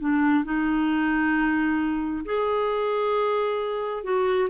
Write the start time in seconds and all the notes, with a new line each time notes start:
0.00 D4
0.44 D#4
2.25 G#4
4.04 F#4